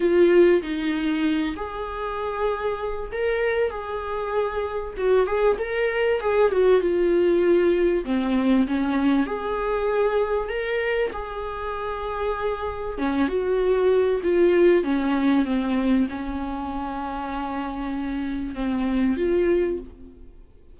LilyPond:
\new Staff \with { instrumentName = "viola" } { \time 4/4 \tempo 4 = 97 f'4 dis'4. gis'4.~ | gis'4 ais'4 gis'2 | fis'8 gis'8 ais'4 gis'8 fis'8 f'4~ | f'4 c'4 cis'4 gis'4~ |
gis'4 ais'4 gis'2~ | gis'4 cis'8 fis'4. f'4 | cis'4 c'4 cis'2~ | cis'2 c'4 f'4 | }